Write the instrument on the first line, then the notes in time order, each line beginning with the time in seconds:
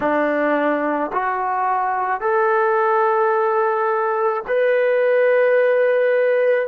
trombone
0.00 D4
1.12 F#4
2.20 A4
4.47 B4